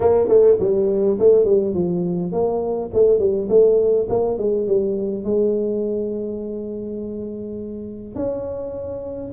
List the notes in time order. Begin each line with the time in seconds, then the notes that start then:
0.00 A#3
0.28 A3
0.59 G3
1.19 A3
1.45 G3
1.73 F3
2.31 A#3
2.93 A3
3.19 G3
3.49 A3
4.09 A#3
4.38 G#3
4.67 G3
5.24 G#3
8.15 C#4